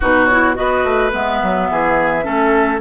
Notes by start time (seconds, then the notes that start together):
0.00 B2 D#4 F#4 B4
0.25 E4 C#5
0.54 B3 F#4 B4 D#5
0.83 A3
1.12 G#3 B3 E5
1.42 F#3
1.70 E3 G#4
2.22 A3 C#4 A4